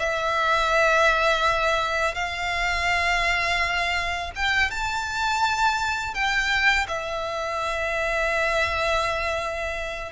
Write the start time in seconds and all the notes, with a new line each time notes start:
0.00 E5
2.15 F5
4.36 G5
4.71 A5
6.15 G5
6.88 E5